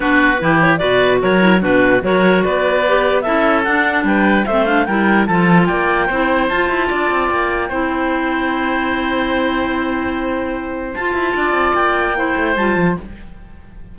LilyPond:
<<
  \new Staff \with { instrumentName = "clarinet" } { \time 4/4 \tempo 4 = 148 b'4. cis''8 d''4 cis''4 | b'4 cis''4 d''2 | e''4 fis''4 g''4 e''8 f''8 | g''4 a''4 g''2 |
a''2 g''2~ | g''1~ | g''2. a''4~ | a''4 g''2 a''4 | }
  \new Staff \with { instrumentName = "oboe" } { \time 4/4 fis'4 g'4 b'4 ais'4 | fis'4 ais'4 b'2 | a'2 b'4 c''4 | ais'4 a'4 d''4 c''4~ |
c''4 d''2 c''4~ | c''1~ | c''1 | d''2 c''2 | }
  \new Staff \with { instrumentName = "clarinet" } { \time 4/4 d'4 e'4 fis'4. e'8 | d'4 fis'2 g'4 | e'4 d'2 c'8 d'8 | e'4 f'2 e'4 |
f'2. e'4~ | e'1~ | e'2. f'4~ | f'2 e'4 f'4 | }
  \new Staff \with { instrumentName = "cello" } { \time 4/4 b4 e4 b,4 fis4 | b,4 fis4 b2 | cis'4 d'4 g4 a4 | g4 f4 ais4 c'4 |
f'8 e'8 d'8 c'8 ais4 c'4~ | c'1~ | c'2. f'8 e'8 | d'8 c'8 ais4. a8 g8 f8 | }
>>